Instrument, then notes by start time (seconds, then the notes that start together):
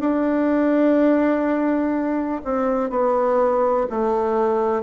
bassoon
0.00 D4
2.44 C4
2.90 B3
3.90 A3